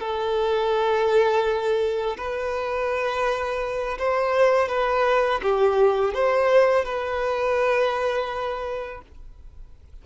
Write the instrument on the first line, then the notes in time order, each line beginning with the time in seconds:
violin
0.00 A4
2.17 B4
3.99 C5
4.68 B4
5.42 G4
6.14 C5
6.85 B4